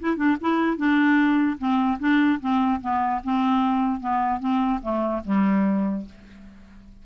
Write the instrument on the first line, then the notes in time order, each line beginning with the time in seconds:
clarinet
0.00 E4
0.17 D4
0.41 E4
0.77 D4
1.58 C4
2.00 D4
2.41 C4
2.81 B3
3.24 C4
4.00 B3
4.40 C4
4.82 A3
5.25 G3